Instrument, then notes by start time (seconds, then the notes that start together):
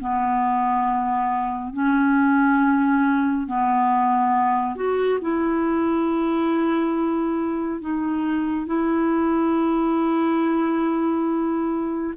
clarinet
0.00 B3
1.74 C#4
3.47 B3
4.75 F#4
5.21 E4
7.81 D#4
8.66 E4